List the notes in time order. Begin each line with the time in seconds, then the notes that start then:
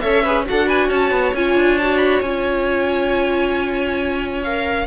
0.00 C#4 A4 C#5 E5
0.23 G#4 B4
0.46 D4 F#4 A4 F#5
0.66 B4 G#5
0.88 C#4 C#5 A5
1.11 B3
1.33 C#4 F4 G#5
1.55 D4
1.78 F#4 A5
1.98 B5
2.21 C#4 F4 G#5
4.44 A#4 F5